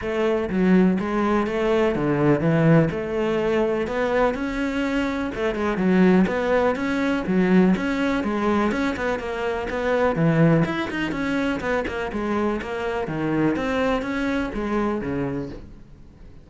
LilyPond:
\new Staff \with { instrumentName = "cello" } { \time 4/4 \tempo 4 = 124 a4 fis4 gis4 a4 | d4 e4 a2 | b4 cis'2 a8 gis8 | fis4 b4 cis'4 fis4 |
cis'4 gis4 cis'8 b8 ais4 | b4 e4 e'8 dis'8 cis'4 | b8 ais8 gis4 ais4 dis4 | c'4 cis'4 gis4 cis4 | }